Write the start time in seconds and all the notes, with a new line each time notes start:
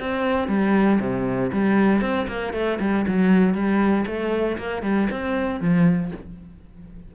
0.00 C4
0.48 G3
1.00 C3
1.53 G3
2.02 C4
2.28 A#3
2.54 A3
2.80 G3
3.08 F#3
3.54 G3
4.07 A3
4.58 A#3
4.83 G3
5.11 C4
5.61 F3